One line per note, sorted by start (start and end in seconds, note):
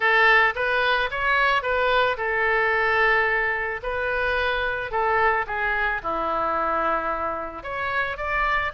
0.00 0.54 A4
0.55 1.09 B4
1.11 1.62 C#5
1.62 2.16 B4
2.17 3.81 A4
3.83 4.91 B4
4.91 5.45 A4
5.46 6.01 G#4
6.02 7.63 E4
7.63 8.17 C#5
8.17 8.71 D5